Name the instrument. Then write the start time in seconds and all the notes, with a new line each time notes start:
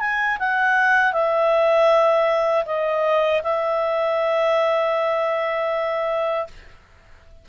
clarinet
0.00 G#5
0.39 F#5
1.13 E5
2.66 D#5
3.43 E5